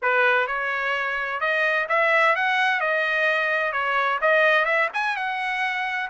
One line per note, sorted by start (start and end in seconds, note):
0.01 0.47 B4
0.47 1.40 C#5
1.40 1.87 D#5
1.89 2.35 E5
2.35 2.80 F#5
2.80 3.72 D#5
3.72 4.19 C#5
4.21 4.65 D#5
4.65 4.88 E5
4.93 5.16 G#5
5.16 6.10 F#5